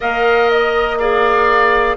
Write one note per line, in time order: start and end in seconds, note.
0.00 1.96 A#3
0.00 0.99 A#4
0.00 0.98 D#5
0.00 0.50 F5
0.50 0.98 D#5
0.98 1.96 G#4
0.98 1.96 D5
0.98 1.96 F5